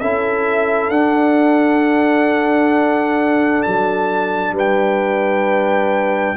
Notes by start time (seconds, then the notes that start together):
0.00 C#4 E4 A4 E5
0.89 D4 F#5
3.63 F#3 A5
4.52 G3 B4
4.59 G5